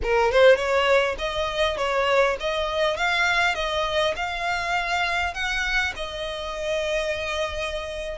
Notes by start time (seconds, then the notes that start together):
0.02 A#4
0.31 C5
0.56 C#5
1.18 D#5
1.77 C#5
2.40 D#5
2.96 F5
3.55 D#5
4.16 F5
5.34 F#5
5.96 D#5